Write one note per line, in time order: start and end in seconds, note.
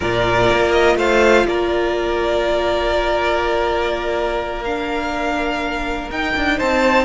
0.00 0.50 A#2
0.00 4.65 F4
0.00 0.96 A#4
0.00 0.71 D5
0.50 0.96 A#3
0.71 0.95 D#5
0.96 1.45 A3
0.96 1.46 C5
0.96 1.46 F5
1.45 6.09 A#3
1.45 6.57 A#4
1.45 4.63 D5
4.64 6.11 D4
4.64 6.10 F5
6.10 6.34 D#4
6.10 7.05 D#4
6.10 6.59 G5
6.36 6.60 D4
6.57 7.05 C4
6.57 7.05 C5
6.57 7.05 A5